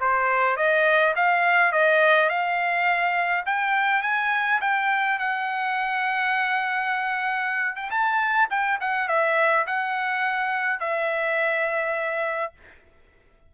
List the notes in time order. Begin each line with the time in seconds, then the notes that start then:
0.00 C5
0.56 D#5
1.16 F5
1.72 D#5
2.29 F5
3.46 G5
4.02 G#5
4.61 G5
5.19 F#5
7.76 G5
7.91 A5
8.50 G5
8.80 F#5
9.08 E5
9.67 F#5
10.80 E5